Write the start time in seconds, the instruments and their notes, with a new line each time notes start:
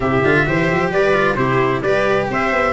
0.00 tuba C3, cello E4, viola G4, trumpet E5
0.23 tuba D3, cello F4
0.46 tuba E3, cello G4, viola C5
0.70 tuba F3
0.90 tuba G3, viola B4, trumpet D5
1.13 cello F4
1.35 tuba C3, cello E4, viola G4, trumpet C5
1.82 tuba G3, cello G4, viola B4, trumpet D5
2.29 tuba C4, viola C5, trumpet E5
2.52 tuba B3